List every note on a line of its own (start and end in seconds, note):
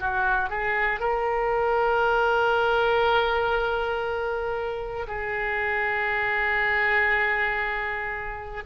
0.00 0.49 F#4
0.49 1.00 G#4
1.00 5.07 A#4
5.08 8.63 G#4